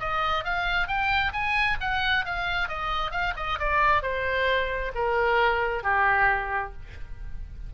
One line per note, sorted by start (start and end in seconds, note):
0.00 0.45 D#5
0.45 0.88 F5
0.88 1.33 G5
1.33 1.78 G#5
1.81 2.26 F#5
2.26 2.69 F5
2.69 3.12 D#5
3.12 3.34 F5
3.37 3.59 D#5
3.60 4.03 D5
4.03 4.93 C5
4.95 5.84 A#4
5.84 6.73 G4